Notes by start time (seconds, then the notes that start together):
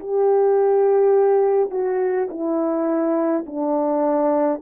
0.00 G4
1.71 F#4
2.30 E4
3.46 D4